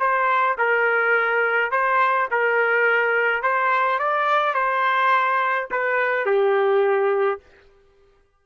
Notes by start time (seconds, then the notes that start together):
0.00 C5
0.58 A#4
1.71 C5
2.31 A#4
3.43 C5
3.99 D5
4.54 C5
5.71 B4
6.26 G4